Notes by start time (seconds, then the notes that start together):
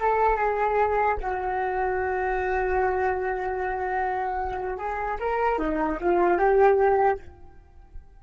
0.00 A4
0.37 G#4
1.21 F#4
4.78 G#4
5.20 A#4
5.59 D#4
6.00 F4
6.39 G4